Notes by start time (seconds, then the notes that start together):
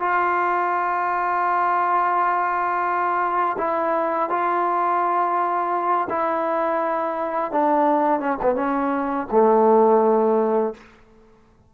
0.00 F4
3.58 E4
4.30 F4
6.10 E4
7.52 D4
8.20 C#4
8.42 B3
8.56 C#4
9.31 A3